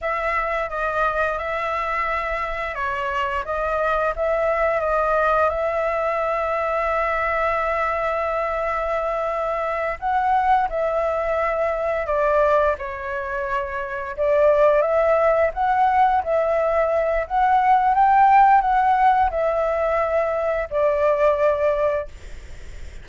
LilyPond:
\new Staff \with { instrumentName = "flute" } { \time 4/4 \tempo 4 = 87 e''4 dis''4 e''2 | cis''4 dis''4 e''4 dis''4 | e''1~ | e''2~ e''8 fis''4 e''8~ |
e''4. d''4 cis''4.~ | cis''8 d''4 e''4 fis''4 e''8~ | e''4 fis''4 g''4 fis''4 | e''2 d''2 | }